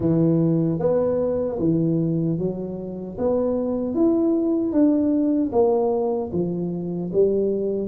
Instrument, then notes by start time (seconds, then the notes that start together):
tuba
0.00 E3
0.79 B3
1.59 E3
2.38 F#3
3.18 B3
3.94 E4
4.72 D4
5.52 A#3
6.32 F3
7.13 G3